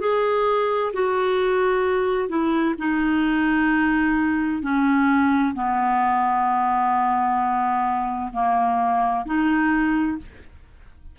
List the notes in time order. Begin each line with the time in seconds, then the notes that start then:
0.00 G#4
0.93 F#4
2.29 E4
2.79 D#4
4.62 C#4
5.55 B3
8.33 A#3
9.26 D#4